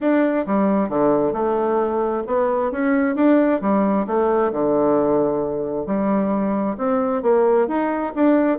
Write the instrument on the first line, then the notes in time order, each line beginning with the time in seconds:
bassoon
0.00 D4
0.46 G3
0.89 D3
1.32 A3
2.27 B3
2.71 C#4
3.15 D4
3.61 G3
4.06 A3
4.52 D3
5.86 G3
6.77 C4
7.22 A#3
7.67 D#4
8.15 D4